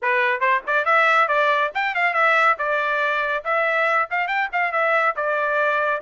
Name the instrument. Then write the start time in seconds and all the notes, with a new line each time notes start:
trumpet
0.02 B4
0.40 C5
0.66 D5
0.85 E5
1.28 D5
1.74 G5
1.94 F5
2.13 E5
2.58 D5
3.44 E5
4.10 F5
4.27 G5
4.52 F5
4.72 E5
5.15 D5